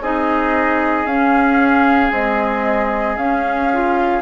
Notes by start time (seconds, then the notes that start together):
0.00 C4 D#4 G#4 D#5
1.05 C#4 F5
2.11 G#3 C4 D#5
3.16 C#4 F5
3.72 F4